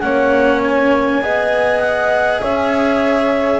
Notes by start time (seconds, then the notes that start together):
0.00 A#3 C#4 C#5 F#5
0.63 G#5
1.22 B3 G#4 D#5
1.80 F#5
2.41 C#4 C#5 E5